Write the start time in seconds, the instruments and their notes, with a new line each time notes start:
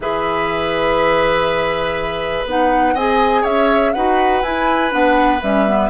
0.00 bassoon E3, clarinet G#4, oboe B4, flute E5
2.45 bassoon B3, clarinet D#4, flute F#5
2.94 bassoon C4, clarinet G#4, oboe D#5, flute G#5
3.41 bassoon C#4, oboe C#5, flute E5
3.93 bassoon D#4, clarinet F#4, oboe B4, flute F#5
4.42 bassoon E4, clarinet E4, flute G#5
4.90 bassoon B3, clarinet D4, flute F#5
5.42 bassoon G3, clarinet C#4, flute E5
5.67 clarinet B3